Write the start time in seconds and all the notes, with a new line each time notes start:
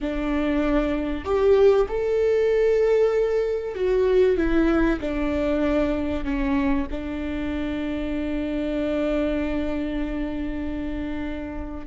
0.00 D4
1.24 G4
1.88 A4
3.74 F#4
4.37 E4
5.00 D4
6.24 C#4
6.91 D4